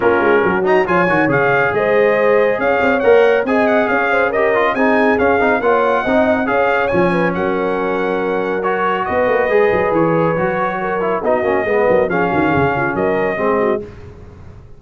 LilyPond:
<<
  \new Staff \with { instrumentName = "trumpet" } { \time 4/4 \tempo 4 = 139 ais'4. ais''8 gis''4 f''4 | dis''2 f''4 fis''4 | gis''8 fis''8 f''4 dis''4 gis''4 | f''4 fis''2 f''4 |
gis''4 fis''2. | cis''4 dis''2 cis''4~ | cis''2 dis''2 | f''2 dis''2 | }
  \new Staff \with { instrumentName = "horn" } { \time 4/4 f'4 fis'4 cis''2 | c''2 cis''2 | dis''4 cis''8 c''8 ais'4 gis'4~ | gis'4 cis''4 dis''4 cis''4~ |
cis''8 b'8 ais'2.~ | ais'4 b'2.~ | b'4 ais'4 fis'4 b'8 ais'8 | gis'8 fis'8 gis'8 f'8 ais'4 gis'8 fis'8 | }
  \new Staff \with { instrumentName = "trombone" } { \time 4/4 cis'4. dis'8 f'8 fis'8 gis'4~ | gis'2. ais'4 | gis'2 g'8 f'8 dis'4 | cis'8 dis'8 f'4 dis'4 gis'4 |
cis'1 | fis'2 gis'2 | fis'4. e'8 dis'8 cis'8 b4 | cis'2. c'4 | }
  \new Staff \with { instrumentName = "tuba" } { \time 4/4 ais8 gis8 fis4 f8 dis8 cis4 | gis2 cis'8 c'8 ais4 | c'4 cis'2 c'4 | cis'8 c'8 ais4 c'4 cis'4 |
f4 fis2.~ | fis4 b8 ais8 gis8 fis8 e4 | fis2 b8 ais8 gis8 fis8 | f8 dis8 cis4 fis4 gis4 | }
>>